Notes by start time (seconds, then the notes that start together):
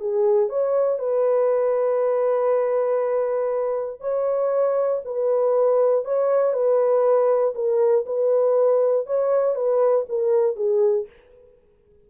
0.00 G#4
0.49 C#5
0.99 B4
4.00 C#5
5.05 B4
6.05 C#5
6.53 B4
7.55 A#4
8.06 B4
9.06 C#5
9.55 B4
10.09 A#4
10.56 G#4